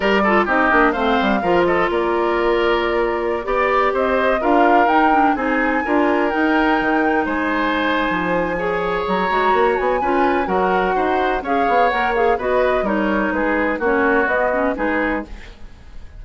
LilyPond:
<<
  \new Staff \with { instrumentName = "flute" } { \time 4/4 \tempo 4 = 126 d''4 dis''4 f''4. dis''8 | d''1~ | d''16 dis''4 f''4 g''4 gis''8.~ | gis''4~ gis''16 g''2 gis''8.~ |
gis''2. ais''4~ | ais''8 gis''4. fis''2 | f''4 fis''8 f''8 dis''4 cis''4 | b'4 cis''4 dis''4 b'4 | }
  \new Staff \with { instrumentName = "oboe" } { \time 4/4 ais'8 a'8 g'4 c''4 ais'8 a'8 | ais'2.~ ais'16 d''8.~ | d''16 c''4 ais'2 gis'8.~ | gis'16 ais'2. c''8.~ |
c''2 cis''2~ | cis''4 b'4 ais'4 c''4 | cis''2 b'4 ais'4 | gis'4 fis'2 gis'4 | }
  \new Staff \with { instrumentName = "clarinet" } { \time 4/4 g'8 f'8 dis'8 d'8 c'4 f'4~ | f'2.~ f'16 g'8.~ | g'4~ g'16 f'4 dis'8 d'8 dis'8.~ | dis'16 f'4 dis'2~ dis'8.~ |
dis'2 gis'4. fis'8~ | fis'4 f'4 fis'2 | gis'4 ais'8 gis'8 fis'4 dis'4~ | dis'4 cis'4 b8 cis'8 dis'4 | }
  \new Staff \with { instrumentName = "bassoon" } { \time 4/4 g4 c'8 ais8 a8 g8 f4 | ais2.~ ais16 b8.~ | b16 c'4 d'4 dis'4 c'8.~ | c'16 d'4 dis'4 dis4 gis8.~ |
gis4 f2 fis8 gis8 | ais8 b8 cis'4 fis4 dis'4 | cis'8 b8 ais4 b4 g4 | gis4 ais4 b4 gis4 | }
>>